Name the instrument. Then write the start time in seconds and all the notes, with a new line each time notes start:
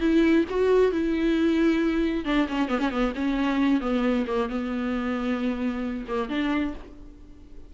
viola
0.00 E4
0.50 F#4
0.91 E4
2.25 D4
2.48 C#4
2.68 B3
2.79 C#4
2.90 B3
3.15 C#4
3.81 B3
4.27 A#3
4.49 B3
6.08 A#3
6.29 D4